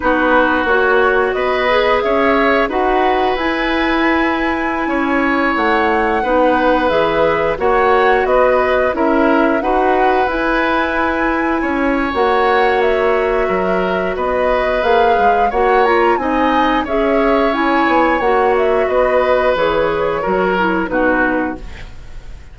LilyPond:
<<
  \new Staff \with { instrumentName = "flute" } { \time 4/4 \tempo 4 = 89 b'4 cis''4 dis''4 e''4 | fis''4 gis''2.~ | gis''16 fis''2 e''4 fis''8.~ | fis''16 dis''4 e''4 fis''4 gis''8.~ |
gis''2 fis''4 e''4~ | e''4 dis''4 f''4 fis''8 ais''8 | gis''4 e''4 gis''4 fis''8 e''8 | dis''4 cis''2 b'4 | }
  \new Staff \with { instrumentName = "oboe" } { \time 4/4 fis'2 b'4 cis''4 | b'2.~ b'16 cis''8.~ | cis''4~ cis''16 b'2 cis''8.~ | cis''16 b'4 ais'4 b'4.~ b'16~ |
b'4~ b'16 cis''2~ cis''8. | ais'4 b'2 cis''4 | dis''4 cis''2. | b'2 ais'4 fis'4 | }
  \new Staff \with { instrumentName = "clarinet" } { \time 4/4 dis'4 fis'4. gis'4. | fis'4 e'2.~ | e'4~ e'16 dis'4 gis'4 fis'8.~ | fis'4~ fis'16 e'4 fis'4 e'8.~ |
e'2 fis'2~ | fis'2 gis'4 fis'8 f'8 | dis'4 gis'4 e'4 fis'4~ | fis'4 gis'4 fis'8 e'8 dis'4 | }
  \new Staff \with { instrumentName = "bassoon" } { \time 4/4 b4 ais4 b4 cis'4 | dis'4 e'2~ e'16 cis'8.~ | cis'16 a4 b4 e4 ais8.~ | ais16 b4 cis'4 dis'4 e'8.~ |
e'4~ e'16 cis'8. ais2 | fis4 b4 ais8 gis8 ais4 | c'4 cis'4. b8 ais4 | b4 e4 fis4 b,4 | }
>>